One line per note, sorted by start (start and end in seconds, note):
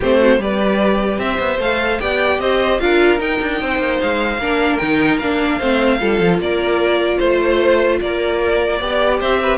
0.00 0.38 A3
0.00 0.39 C4
0.00 0.19 G4
0.00 0.41 C5
0.19 0.39 F#4
0.38 1.18 G3
0.38 1.59 G4
0.38 1.21 B4
0.38 1.19 D5
1.18 1.38 C4
1.18 2.01 C5
1.18 1.59 E5
1.38 1.58 B3
1.58 1.98 A3
1.58 2.00 A4
1.58 2.00 F5
2.00 2.39 B3
2.00 2.80 G4
2.00 2.41 D5
2.00 2.40 G5
2.39 2.79 C4
2.39 2.81 C5
2.39 2.79 D#5
2.79 3.19 D4
2.79 3.18 F4
2.79 3.61 A#4
2.79 3.19 F5
3.18 4.38 D#4
3.18 3.39 D#4
3.18 4.00 G5
3.41 3.61 D4
3.61 3.78 C4
3.61 4.40 C5
3.78 3.98 A#3
4.00 4.38 G#3
4.00 4.77 F5
4.38 4.78 A#3
4.38 4.81 D4
4.38 5.58 A#4
4.77 5.20 D#3
4.77 5.22 D#4
4.77 5.17 G5
5.19 5.60 A#3
5.19 5.60 D4
5.19 6.39 F5
5.58 6.00 A3
5.58 5.99 C4
5.58 5.98 C5
5.99 6.19 G3
5.99 8.79 F4
5.99 6.40 A4
6.19 6.38 F3
6.38 7.18 A#3
6.38 7.17 A#4
6.38 7.18 D5
7.17 8.00 A3
7.17 7.97 C5
7.17 7.98 C5
8.00 8.80 A#3
8.00 8.79 A#4
8.00 9.20 D5
8.79 9.20 B3
8.79 9.58 G4
8.79 9.19 D5
9.19 9.58 C4
9.19 9.39 C5
9.19 9.58 E5
9.42 9.58 B4